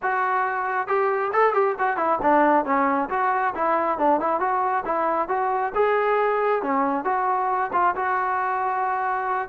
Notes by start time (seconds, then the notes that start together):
0.02 F#4
0.87 G4
1.32 A4
1.53 G4
1.79 F#4
1.97 E4
2.22 D4
2.65 C#4
3.09 F#4
3.54 E4
3.98 D4
4.20 E4
4.40 F#4
4.85 E4
5.28 F#4
5.75 G#4
6.62 C#4
7.04 F#4
7.72 F4
7.95 F#4